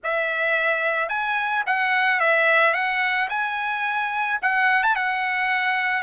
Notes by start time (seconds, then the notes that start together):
0.03 E5
1.08 G#5
1.66 F#5
2.19 E5
2.73 F#5
3.29 G#5
4.42 F#5
4.83 A5
4.95 F#5